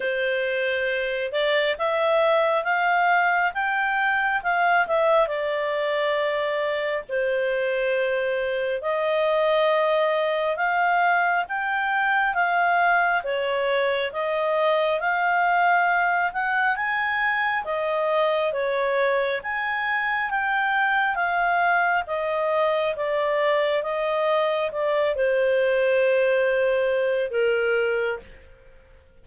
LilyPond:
\new Staff \with { instrumentName = "clarinet" } { \time 4/4 \tempo 4 = 68 c''4. d''8 e''4 f''4 | g''4 f''8 e''8 d''2 | c''2 dis''2 | f''4 g''4 f''4 cis''4 |
dis''4 f''4. fis''8 gis''4 | dis''4 cis''4 gis''4 g''4 | f''4 dis''4 d''4 dis''4 | d''8 c''2~ c''8 ais'4 | }